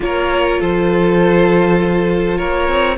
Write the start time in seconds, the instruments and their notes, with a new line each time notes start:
0.00 cello A#3, viola F4, violin A#4 C#5
0.59 cello F3, violin A4 C5
2.37 cello A#3, violin A#4 C#5
2.68 cello C4